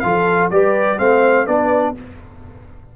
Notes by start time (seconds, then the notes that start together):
0.00 F3 F4 A4 F5
0.51 G3 G4 B4 D5
0.98 A3 C4 C5 F5
1.47 B3 D4 B4 D5